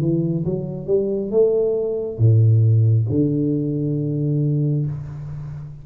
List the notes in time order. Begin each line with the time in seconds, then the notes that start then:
0.00 E3
0.45 F#3
0.86 G3
1.31 A3
2.17 A2
3.10 D3